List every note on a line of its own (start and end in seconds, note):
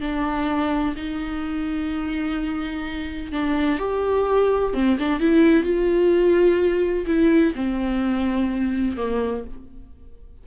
0.00 0.94 D4
0.96 3.32 D#4
3.32 3.79 D4
3.79 4.73 G4
4.73 4.97 C4
4.99 5.20 D4
5.20 5.64 E4
5.64 7.05 F4
7.06 7.54 E4
7.55 8.97 C4
8.97 9.44 A#3